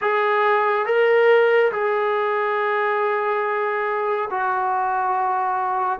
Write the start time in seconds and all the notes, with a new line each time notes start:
0.01 G#4
0.86 A#4
1.71 G#4
4.30 F#4